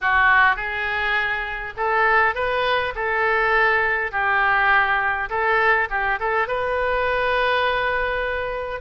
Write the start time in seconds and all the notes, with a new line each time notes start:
0.01 F#4
0.56 G#4
1.76 A4
2.34 B4
2.95 A4
4.11 G4
5.29 A4
5.90 G4
6.19 A4
6.47 B4